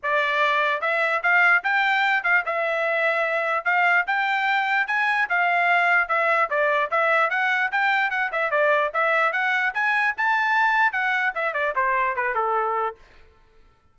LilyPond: \new Staff \with { instrumentName = "trumpet" } { \time 4/4 \tempo 4 = 148 d''2 e''4 f''4 | g''4. f''8 e''2~ | e''4 f''4 g''2 | gis''4 f''2 e''4 |
d''4 e''4 fis''4 g''4 | fis''8 e''8 d''4 e''4 fis''4 | gis''4 a''2 fis''4 | e''8 d''8 c''4 b'8 a'4. | }